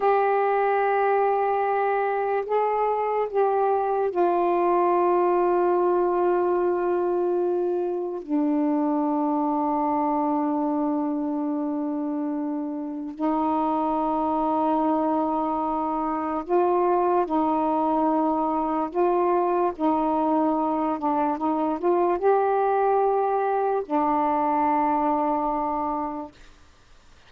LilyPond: \new Staff \with { instrumentName = "saxophone" } { \time 4/4 \tempo 4 = 73 g'2. gis'4 | g'4 f'2.~ | f'2 d'2~ | d'1 |
dis'1 | f'4 dis'2 f'4 | dis'4. d'8 dis'8 f'8 g'4~ | g'4 d'2. | }